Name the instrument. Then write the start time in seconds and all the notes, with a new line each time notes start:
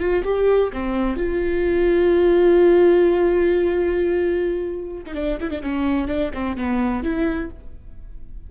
viola
0.00 F4
0.25 G4
0.73 C4
1.17 F4
5.06 D#4
5.15 D4
5.41 E4
5.51 D4
5.63 C#4
6.08 D4
6.34 C4
6.57 B3
7.04 E4